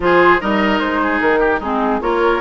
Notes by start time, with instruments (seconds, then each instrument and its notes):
0.00 bassoon F3, clarinet F4, oboe G#4, flute C5
0.40 bassoon G3, clarinet D#4, oboe A#4, flute D#5
0.79 bassoon G#3, flute C5
1.02 oboe G#4
1.20 bassoon D#3, flute A#4
1.39 oboe G4
1.59 bassoon G#3, clarinet C4, oboe D#4, flute G#4
2.01 bassoon A#3, clarinet F4, oboe A#4, flute C#5